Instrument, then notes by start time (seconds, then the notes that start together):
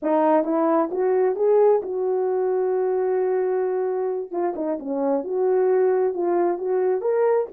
horn
0.02 D#4
0.44 E4
0.91 F#4
1.35 G#4
1.82 F#4
4.31 F4
4.55 D#4
4.79 C#4
5.24 F#4
6.13 F4
6.58 F#4
7.01 A#4